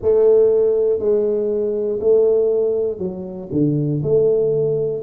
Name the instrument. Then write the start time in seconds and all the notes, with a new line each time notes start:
tuba
0.02 A3
0.99 G#3
2.00 A3
2.98 F#3
3.51 D3
4.03 A3